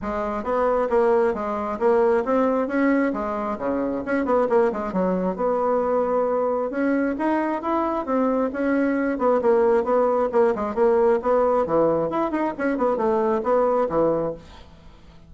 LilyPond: \new Staff \with { instrumentName = "bassoon" } { \time 4/4 \tempo 4 = 134 gis4 b4 ais4 gis4 | ais4 c'4 cis'4 gis4 | cis4 cis'8 b8 ais8 gis8 fis4 | b2. cis'4 |
dis'4 e'4 c'4 cis'4~ | cis'8 b8 ais4 b4 ais8 gis8 | ais4 b4 e4 e'8 dis'8 | cis'8 b8 a4 b4 e4 | }